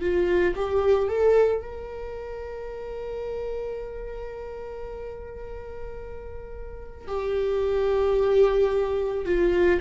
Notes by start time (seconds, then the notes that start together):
0.00 F4
0.56 G4
1.09 A4
1.62 A#4
7.08 G4
9.26 F4